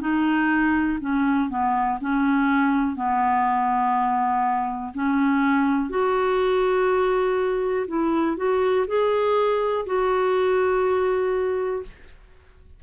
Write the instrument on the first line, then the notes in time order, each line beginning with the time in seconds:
clarinet
0.00 D#4
1.00 C#4
1.49 B3
2.01 C#4
2.96 B3
4.94 C#4
5.89 F#4
7.87 E4
8.37 F#4
8.87 G#4
9.86 F#4